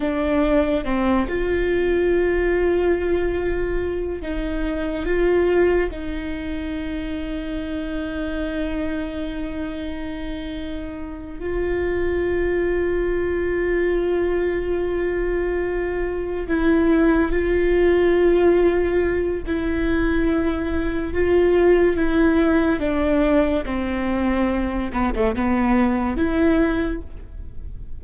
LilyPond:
\new Staff \with { instrumentName = "viola" } { \time 4/4 \tempo 4 = 71 d'4 c'8 f'2~ f'8~ | f'4 dis'4 f'4 dis'4~ | dis'1~ | dis'4. f'2~ f'8~ |
f'2.~ f'8 e'8~ | e'8 f'2~ f'8 e'4~ | e'4 f'4 e'4 d'4 | c'4. b16 a16 b4 e'4 | }